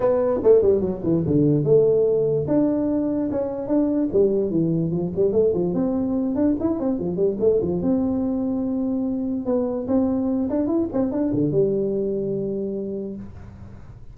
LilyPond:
\new Staff \with { instrumentName = "tuba" } { \time 4/4 \tempo 4 = 146 b4 a8 g8 fis8 e8 d4 | a2 d'2 | cis'4 d'4 g4 e4 | f8 g8 a8 f8 c'4. d'8 |
e'8 c'8 f8 g8 a8 f8 c'4~ | c'2. b4 | c'4. d'8 e'8 c'8 d'8 d8 | g1 | }